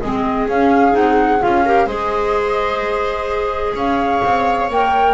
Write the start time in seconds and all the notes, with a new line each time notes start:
0.00 G#3 C4 G#4 D#5
0.48 C#4 F5
0.91 C4 D#4 F#5
1.40 C#4 F4 F5
1.65 G4 A#4
1.86 G#3 G#4 C5 D#5
3.75 C#4 C#5 F5
4.24 C4
4.70 A#3 A#4 G5